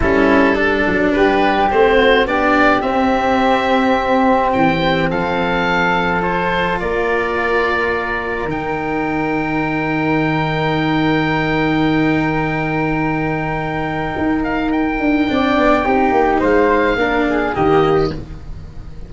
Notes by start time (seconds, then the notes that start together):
0.00 G3 C#4 E4 A4
0.55 D4
0.87 F#3
1.12 G3 G4 B4
1.70 A3 C4 C5
1.95 F#4
2.25 B3 D4 G4 D5
2.81 C4 E5
4.52 E3 G5
5.10 F3 A4 F5
6.21 F4 C5
6.79 A#3 A#4 D5
8.45 D#3 D#4 G5
14.17 D#4
14.43 F5
14.71 G5
14.99 D4
15.27 C4 D4 D5
15.57 B3
15.83 C4 D#4 G4
16.11 A#3
16.39 G#3 C5 F5
16.95 A#3 D4 A#4
17.29 G#4
17.54 D#3 A#3 G4 D#5